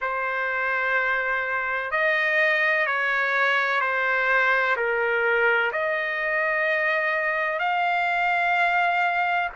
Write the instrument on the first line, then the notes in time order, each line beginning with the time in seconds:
trumpet
0.01 C5
1.90 D#5
2.86 C#5
3.81 C5
4.76 A#4
5.71 D#5
7.59 F5